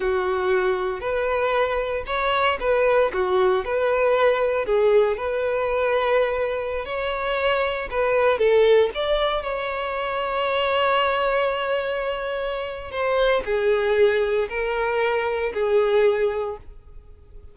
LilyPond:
\new Staff \with { instrumentName = "violin" } { \time 4/4 \tempo 4 = 116 fis'2 b'2 | cis''4 b'4 fis'4 b'4~ | b'4 gis'4 b'2~ | b'4~ b'16 cis''2 b'8.~ |
b'16 a'4 d''4 cis''4.~ cis''16~ | cis''1~ | cis''4 c''4 gis'2 | ais'2 gis'2 | }